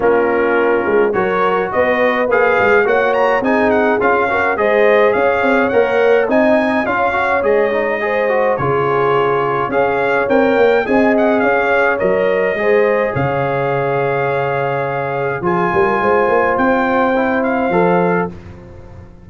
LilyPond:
<<
  \new Staff \with { instrumentName = "trumpet" } { \time 4/4 \tempo 4 = 105 ais'2 cis''4 dis''4 | f''4 fis''8 ais''8 gis''8 fis''8 f''4 | dis''4 f''4 fis''4 gis''4 | f''4 dis''2 cis''4~ |
cis''4 f''4 g''4 gis''8 fis''8 | f''4 dis''2 f''4~ | f''2. gis''4~ | gis''4 g''4. f''4. | }
  \new Staff \with { instrumentName = "horn" } { \time 4/4 f'2 ais'4 b'4~ | b'4 cis''4 gis'4. ais'8 | c''4 cis''2 dis''4 | cis''2 c''4 gis'4~ |
gis'4 cis''2 dis''4 | cis''2 c''4 cis''4~ | cis''2. gis'8 ais'8 | c''1 | }
  \new Staff \with { instrumentName = "trombone" } { \time 4/4 cis'2 fis'2 | gis'4 fis'4 dis'4 f'8 fis'8 | gis'2 ais'4 dis'4 | f'8 fis'8 gis'8 dis'8 gis'8 fis'8 f'4~ |
f'4 gis'4 ais'4 gis'4~ | gis'4 ais'4 gis'2~ | gis'2. f'4~ | f'2 e'4 a'4 | }
  \new Staff \with { instrumentName = "tuba" } { \time 4/4 ais4. gis8 fis4 b4 | ais8 gis8 ais4 c'4 cis'4 | gis4 cis'8 c'8 ais4 c'4 | cis'4 gis2 cis4~ |
cis4 cis'4 c'8 ais8 c'4 | cis'4 fis4 gis4 cis4~ | cis2. f8 g8 | gis8 ais8 c'2 f4 | }
>>